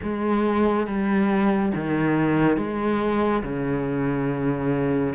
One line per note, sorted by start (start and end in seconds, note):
0.02 0.86 G#3
0.86 1.72 G3
1.74 2.57 D#3
2.57 3.42 G#3
3.43 5.14 C#3